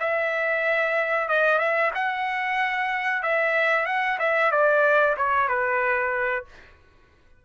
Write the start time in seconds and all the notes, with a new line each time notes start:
0.00 E5
1.29 D#5
1.59 E5
1.95 F#5
3.23 E5
3.86 F#5
4.20 E5
4.52 D5
5.18 C#5
5.49 B4